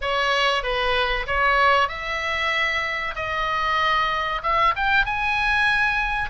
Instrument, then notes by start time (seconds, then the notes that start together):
oboe
0.01 C#5
0.63 B4
1.26 C#5
1.88 E5
3.16 D#5
4.42 E5
4.75 G5
5.05 G#5